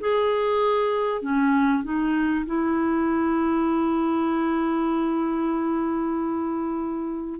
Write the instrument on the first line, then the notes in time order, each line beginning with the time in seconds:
clarinet
0.00 G#4
1.22 C#4
1.83 D#4
2.46 E4